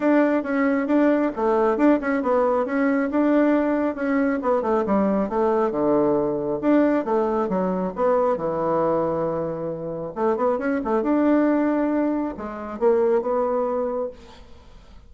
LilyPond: \new Staff \with { instrumentName = "bassoon" } { \time 4/4 \tempo 4 = 136 d'4 cis'4 d'4 a4 | d'8 cis'8 b4 cis'4 d'4~ | d'4 cis'4 b8 a8 g4 | a4 d2 d'4 |
a4 fis4 b4 e4~ | e2. a8 b8 | cis'8 a8 d'2. | gis4 ais4 b2 | }